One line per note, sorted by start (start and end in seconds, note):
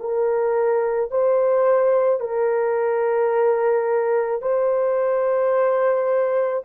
0.00 1.11 A#4
1.11 2.20 C5
2.20 4.41 A#4
4.41 6.64 C5